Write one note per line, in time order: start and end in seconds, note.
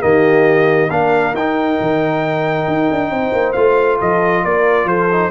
0.00 0.90 D#3
0.00 0.88 A#3
0.00 0.90 G4
0.00 0.90 D#5
0.90 1.33 A#3
0.90 1.34 D4
0.90 3.11 A#4
0.90 1.34 F5
1.33 1.77 D#4
1.33 3.56 D#4
1.33 3.52 G5
1.80 2.67 D#3
2.67 2.89 D#4
2.91 3.10 D4
3.10 3.32 C4
3.10 3.99 C5
3.32 3.55 A#3
3.52 4.00 A3
3.52 5.10 F4
3.52 3.97 F5
3.99 4.44 F3
3.99 4.43 A4
3.99 4.44 D#5
4.44 4.85 A#3
4.44 4.87 A#4
4.44 4.87 D5
4.85 5.29 F3
4.85 5.31 A4
4.85 5.31 C5
5.11 5.31 D#4